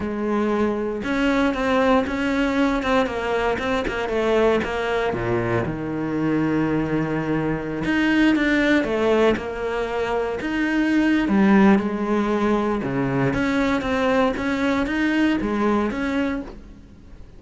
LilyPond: \new Staff \with { instrumentName = "cello" } { \time 4/4 \tempo 4 = 117 gis2 cis'4 c'4 | cis'4. c'8 ais4 c'8 ais8 | a4 ais4 ais,4 dis4~ | dis2.~ dis16 dis'8.~ |
dis'16 d'4 a4 ais4.~ ais16~ | ais16 dis'4.~ dis'16 g4 gis4~ | gis4 cis4 cis'4 c'4 | cis'4 dis'4 gis4 cis'4 | }